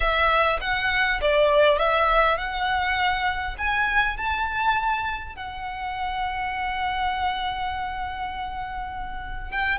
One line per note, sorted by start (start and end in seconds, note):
0.00 0.59 E5
0.60 1.20 F#5
1.21 1.78 D5
1.78 2.37 E5
2.37 3.56 F#5
3.58 4.16 G#5
4.16 5.35 A5
5.35 9.51 F#5
9.51 9.78 G5